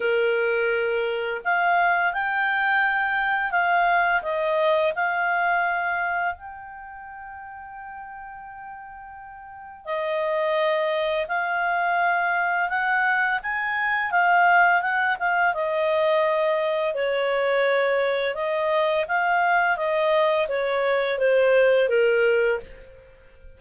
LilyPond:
\new Staff \with { instrumentName = "clarinet" } { \time 4/4 \tempo 4 = 85 ais'2 f''4 g''4~ | g''4 f''4 dis''4 f''4~ | f''4 g''2.~ | g''2 dis''2 |
f''2 fis''4 gis''4 | f''4 fis''8 f''8 dis''2 | cis''2 dis''4 f''4 | dis''4 cis''4 c''4 ais'4 | }